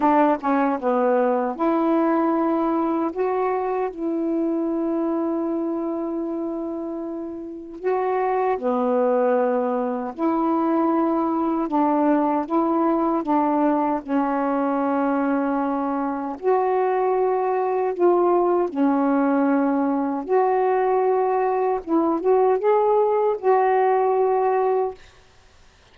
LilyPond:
\new Staff \with { instrumentName = "saxophone" } { \time 4/4 \tempo 4 = 77 d'8 cis'8 b4 e'2 | fis'4 e'2.~ | e'2 fis'4 b4~ | b4 e'2 d'4 |
e'4 d'4 cis'2~ | cis'4 fis'2 f'4 | cis'2 fis'2 | e'8 fis'8 gis'4 fis'2 | }